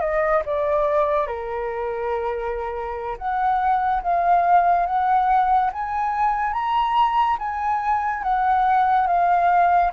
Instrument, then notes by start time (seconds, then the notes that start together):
flute
0.00 D#5
0.45 D5
1.27 A#4
3.17 F#5
4.03 F5
4.86 F#5
5.72 G#5
6.53 A#5
7.39 G#5
8.23 F#5
9.07 F5